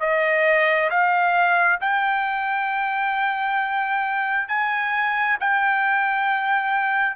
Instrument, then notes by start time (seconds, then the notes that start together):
trumpet
0.00 D#5
0.90 F5
1.80 G5
4.48 G#5
5.40 G5